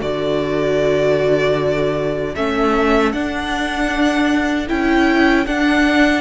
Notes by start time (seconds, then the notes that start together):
0.00 D3 F#4 A4 D5
2.35 A3 C#4 E5
3.12 D4 F#5
4.67 C#4 E4 G5
5.46 D4 F#5